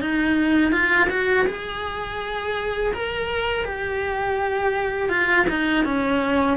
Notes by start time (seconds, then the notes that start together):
0.00 D#4
0.72 F4
1.09 F#4
1.46 G#4
2.93 A#4
3.65 G4
5.09 F4
5.49 D#4
5.84 C#4